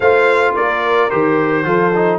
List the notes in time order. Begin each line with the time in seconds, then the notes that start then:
0.00 A3 F4 C5 F5
0.55 A#3 A#4 D5
1.09 D#3 G4 C5
1.64 F3 F4 A4
1.94 D#4